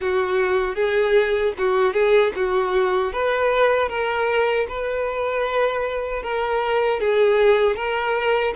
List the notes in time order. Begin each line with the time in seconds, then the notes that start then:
0.00 F#4
0.75 G#4
1.58 F#4
1.93 G#4
2.36 F#4
3.12 B4
3.89 A#4
4.68 B4
6.22 A#4
7.00 G#4
7.76 A#4